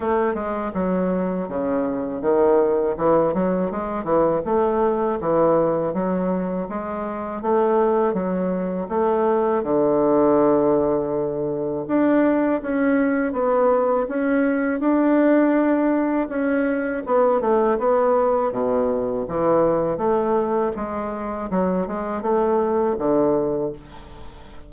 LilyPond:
\new Staff \with { instrumentName = "bassoon" } { \time 4/4 \tempo 4 = 81 a8 gis8 fis4 cis4 dis4 | e8 fis8 gis8 e8 a4 e4 | fis4 gis4 a4 fis4 | a4 d2. |
d'4 cis'4 b4 cis'4 | d'2 cis'4 b8 a8 | b4 b,4 e4 a4 | gis4 fis8 gis8 a4 d4 | }